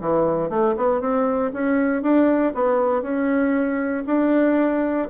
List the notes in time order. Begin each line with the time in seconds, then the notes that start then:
0.00 E3
0.49 A3
0.77 B3
1.01 C4
1.53 C#4
2.02 D4
2.54 B3
3.02 C#4
4.06 D4